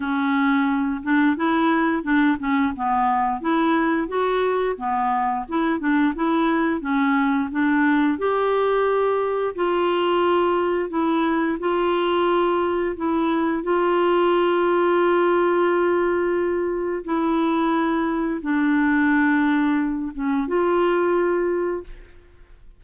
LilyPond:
\new Staff \with { instrumentName = "clarinet" } { \time 4/4 \tempo 4 = 88 cis'4. d'8 e'4 d'8 cis'8 | b4 e'4 fis'4 b4 | e'8 d'8 e'4 cis'4 d'4 | g'2 f'2 |
e'4 f'2 e'4 | f'1~ | f'4 e'2 d'4~ | d'4. cis'8 f'2 | }